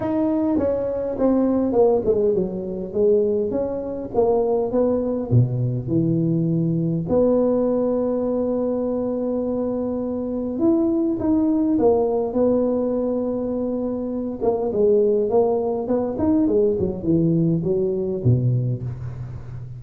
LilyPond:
\new Staff \with { instrumentName = "tuba" } { \time 4/4 \tempo 4 = 102 dis'4 cis'4 c'4 ais8 gis8 | fis4 gis4 cis'4 ais4 | b4 b,4 e2 | b1~ |
b2 e'4 dis'4 | ais4 b2.~ | b8 ais8 gis4 ais4 b8 dis'8 | gis8 fis8 e4 fis4 b,4 | }